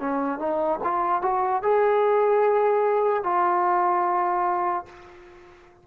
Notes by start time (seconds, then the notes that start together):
0.00 C#4
0.39 D#4
0.84 F4
1.22 F#4
1.63 G#4
3.24 F4